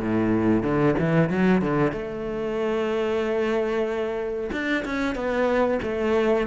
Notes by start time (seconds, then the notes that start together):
0.00 A2
0.63 D3
0.99 E3
1.30 F#3
1.62 D3
1.92 A3
4.52 D4
4.85 C#4
5.15 B3
5.83 A3